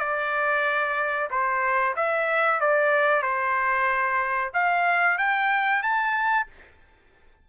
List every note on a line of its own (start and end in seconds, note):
0.00 1.29 D5
1.30 1.95 C5
1.96 2.60 E5
2.60 3.23 D5
3.23 4.52 C5
4.54 5.18 F5
5.18 5.83 G5
5.83 6.47 A5